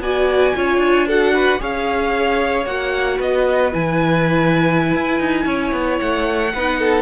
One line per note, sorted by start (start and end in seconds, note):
0.00 0.53 B3
0.00 0.55 F#4
0.00 0.56 D5
0.00 1.08 G#5
0.55 0.78 C#4
0.55 1.09 F4
0.55 1.07 C#5
0.78 1.57 D4
1.07 1.59 F#4
1.07 1.34 A4
1.07 1.62 F#5
1.34 1.60 B4
1.59 2.66 C#4
1.59 2.65 G#4
1.59 3.18 C#5
1.59 2.66 F5
2.66 3.19 A#3
2.66 3.72 F#4
2.66 3.19 F#5
3.18 3.73 B3
3.18 5.44 B4
3.18 3.74 D#5
3.72 4.94 E3
3.72 6.51 E4
3.72 6.00 G#5
4.95 5.20 E4
5.20 5.46 D#4
5.46 5.72 C#4
5.46 6.53 C#5
5.72 5.99 B3
6.00 6.54 A3
6.00 7.03 F#5
6.54 7.03 B3
6.54 7.03 D#4
6.54 6.80 B4
6.80 7.03 A4